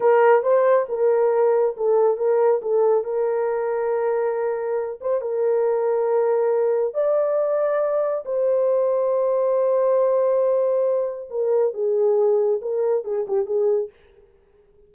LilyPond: \new Staff \with { instrumentName = "horn" } { \time 4/4 \tempo 4 = 138 ais'4 c''4 ais'2 | a'4 ais'4 a'4 ais'4~ | ais'2.~ ais'8 c''8 | ais'1 |
d''2. c''4~ | c''1~ | c''2 ais'4 gis'4~ | gis'4 ais'4 gis'8 g'8 gis'4 | }